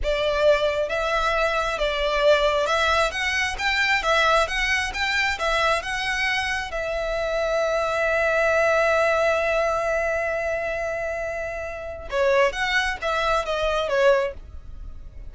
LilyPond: \new Staff \with { instrumentName = "violin" } { \time 4/4 \tempo 4 = 134 d''2 e''2 | d''2 e''4 fis''4 | g''4 e''4 fis''4 g''4 | e''4 fis''2 e''4~ |
e''1~ | e''1~ | e''2. cis''4 | fis''4 e''4 dis''4 cis''4 | }